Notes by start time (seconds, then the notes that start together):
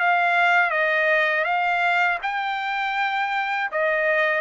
0.00 F5
0.71 D#5
1.45 F5
2.23 G5
3.72 D#5